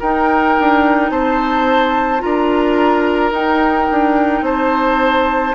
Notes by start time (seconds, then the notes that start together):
0.00 D#4 A#4 G5
0.60 D4
1.11 C4 C5 A5
2.20 D4 F4 A#4 A#5
3.32 D#4 G5
3.92 D4
4.42 C4 C5 A5